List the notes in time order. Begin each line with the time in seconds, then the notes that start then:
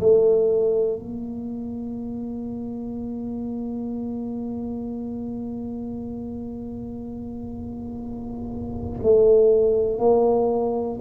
0.00 A3
1.00 A#3
9.03 A3
9.99 A#3